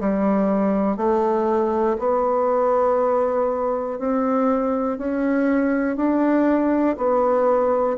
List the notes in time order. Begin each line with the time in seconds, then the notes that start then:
0.00 G3
0.97 A3
1.99 B3
3.99 C4
4.99 C#4
5.96 D4
6.97 B3